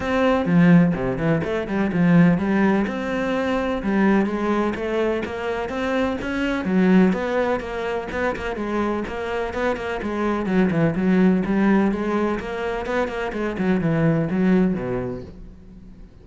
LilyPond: \new Staff \with { instrumentName = "cello" } { \time 4/4 \tempo 4 = 126 c'4 f4 c8 e8 a8 g8 | f4 g4 c'2 | g4 gis4 a4 ais4 | c'4 cis'4 fis4 b4 |
ais4 b8 ais8 gis4 ais4 | b8 ais8 gis4 fis8 e8 fis4 | g4 gis4 ais4 b8 ais8 | gis8 fis8 e4 fis4 b,4 | }